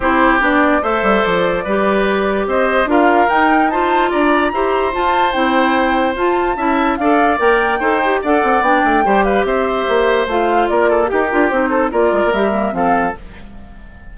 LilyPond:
<<
  \new Staff \with { instrumentName = "flute" } { \time 4/4 \tempo 4 = 146 c''4 d''4 e''4 d''4~ | d''2 dis''4 f''4 | g''4 a''4 ais''2 | a''4 g''2 a''4~ |
a''4 f''4 g''2 | fis''4 g''4. f''8 e''4~ | e''4 f''4 d''4 ais'4 | c''4 d''4 e''4 f''4 | }
  \new Staff \with { instrumentName = "oboe" } { \time 4/4 g'2 c''2 | b'2 c''4 ais'4~ | ais'4 c''4 d''4 c''4~ | c''1 |
e''4 d''2 c''4 | d''2 c''8 b'8 c''4~ | c''2 ais'8 a'8 g'4~ | g'8 a'8 ais'2 a'4 | }
  \new Staff \with { instrumentName = "clarinet" } { \time 4/4 e'4 d'4 a'2 | g'2. f'4 | dis'4 f'2 g'4 | f'4 e'2 f'4 |
e'4 a'4 ais'4 a'8 g'8 | a'4 d'4 g'2~ | g'4 f'2 g'8 f'8 | dis'4 f'4 g'8 ais8 c'4 | }
  \new Staff \with { instrumentName = "bassoon" } { \time 4/4 c'4 b4 a8 g8 f4 | g2 c'4 d'4 | dis'2 d'4 e'4 | f'4 c'2 f'4 |
cis'4 d'4 ais4 dis'4 | d'8 c'8 b8 a8 g4 c'4 | ais4 a4 ais4 dis'8 d'8 | c'4 ais8 gis16 ais16 g4 f4 | }
>>